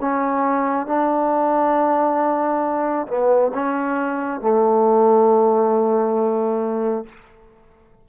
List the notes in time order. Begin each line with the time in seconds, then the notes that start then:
0.00 C#4
0.86 D4
3.08 B3
3.54 C#4
4.41 A3